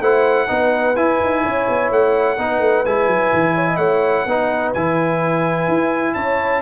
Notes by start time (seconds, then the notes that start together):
0.00 A3 E4 C5 F#5
0.48 B3 D#4 B4
0.96 E4 G#5
1.20 D#4
1.43 C#4 C#5
1.69 B3
1.90 A3 F#5
2.38 B3 D#4 B4
2.59 A3
2.85 G#3 E4 G#5
3.07 F#3
3.33 E3
3.55 C#5
3.67 D#5
3.77 A3 C#5 F#5
4.26 B3 D#4 B4
4.73 E3 E4 G#5
5.68 E4
6.14 C#4 C#5 A5